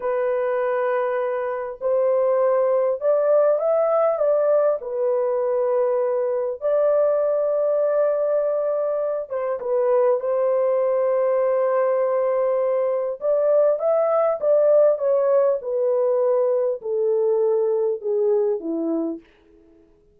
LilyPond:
\new Staff \with { instrumentName = "horn" } { \time 4/4 \tempo 4 = 100 b'2. c''4~ | c''4 d''4 e''4 d''4 | b'2. d''4~ | d''2.~ d''8 c''8 |
b'4 c''2.~ | c''2 d''4 e''4 | d''4 cis''4 b'2 | a'2 gis'4 e'4 | }